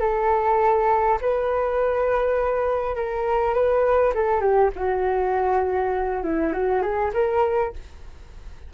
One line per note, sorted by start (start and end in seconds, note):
0.00 1.19 A4
1.21 2.96 B4
2.96 3.54 A#4
3.54 4.13 B4
4.14 4.40 A4
4.40 4.70 G4
4.75 6.23 F#4
6.23 6.52 E4
6.52 6.82 F#4
6.82 7.12 G#4
7.13 7.73 A#4